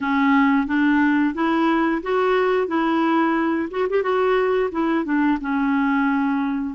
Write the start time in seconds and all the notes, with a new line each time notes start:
0.00 C#4
0.66 D4
1.34 E4
2.02 F#4
2.67 E4
3.70 F#4
3.89 G4
4.02 F#4
4.71 E4
5.04 D4
5.40 C#4